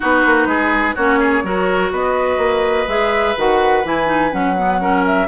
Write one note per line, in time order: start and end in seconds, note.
0.00 0.25 B3
0.00 0.94 D#4
0.00 0.48 F#4
0.00 0.95 B4
0.25 0.46 A#3
0.46 0.94 G#3
0.46 0.95 G#4
0.95 1.43 A#3
0.95 1.43 C#4
0.95 1.19 F#4
0.95 1.91 C#5
1.19 1.43 G#4
1.43 1.91 F#3
1.43 2.87 F#4
1.43 1.91 A#4
1.91 2.37 B3
1.91 4.79 B4
1.91 2.88 D#5
2.37 2.85 A#3
2.87 3.35 G#3
2.87 3.36 G#4
2.87 3.36 E5
3.36 3.84 D#3
3.36 3.84 F#4
3.36 3.86 F#5
3.84 4.32 E3
3.84 4.06 E4
3.84 4.32 G#5
4.06 4.30 D#4
4.31 5.27 F#3
4.31 4.55 C#4
4.31 5.04 F#5
4.57 4.80 B3
4.80 5.27 C#4
4.80 5.27 A#4
5.06 5.27 E5